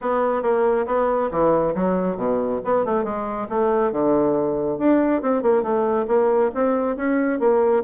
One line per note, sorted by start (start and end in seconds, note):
0.01 0.42 B3
0.42 0.86 A#3
0.86 1.29 B3
1.31 1.74 E3
1.75 2.16 F#3
2.16 2.60 B2
2.64 2.85 B3
2.85 3.04 A3
3.04 3.47 G#3
3.49 3.92 A3
3.92 4.78 D3
4.78 5.22 D4
5.22 5.42 C4
5.42 5.62 A#3
5.62 6.06 A3
6.07 6.51 A#3
6.54 6.96 C4
6.96 7.39 C#4
7.39 7.83 A#3